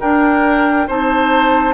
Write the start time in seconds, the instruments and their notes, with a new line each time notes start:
0.00 bassoon D4, clarinet D4, oboe A#4, flute G5
0.88 bassoon C4, clarinet D#4, oboe C5, flute A5